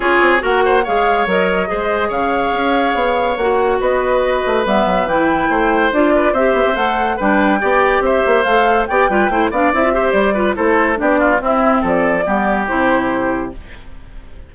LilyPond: <<
  \new Staff \with { instrumentName = "flute" } { \time 4/4 \tempo 4 = 142 cis''4 fis''4 f''4 dis''4~ | dis''4 f''2. | fis''4 dis''2 e''4 | g''2 d''4 e''4 |
fis''4 g''2 e''4 | f''4 g''4. f''8 e''4 | d''4 c''4 d''4 e''4 | d''2 c''2 | }
  \new Staff \with { instrumentName = "oboe" } { \time 4/4 gis'4 ais'8 c''8 cis''2 | c''4 cis''2.~ | cis''4 b'2.~ | b'4 c''4. b'8 c''4~ |
c''4 b'4 d''4 c''4~ | c''4 d''8 b'8 c''8 d''4 c''8~ | c''8 b'8 a'4 g'8 f'8 e'4 | a'4 g'2. | }
  \new Staff \with { instrumentName = "clarinet" } { \time 4/4 f'4 fis'4 gis'4 ais'4 | gis'1 | fis'2. b4 | e'2 f'4 g'4 |
a'4 d'4 g'2 | a'4 g'8 f'8 e'8 d'8 e'16 f'16 g'8~ | g'8 f'8 e'4 d'4 c'4~ | c'4 b4 e'2 | }
  \new Staff \with { instrumentName = "bassoon" } { \time 4/4 cis'8 c'8 ais4 gis4 fis4 | gis4 cis4 cis'4 b4 | ais4 b4. a8 g8 fis8 | e4 a4 d'4 c'8 b16 c'16 |
a4 g4 b4 c'8 ais8 | a4 b8 g8 a8 b8 c'4 | g4 a4 b4 c'4 | f4 g4 c2 | }
>>